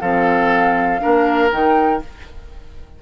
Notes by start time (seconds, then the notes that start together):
0.00 F3 C4 A4 F5
0.99 A#3 D4 A#4
1.50 D#3 D#4 G5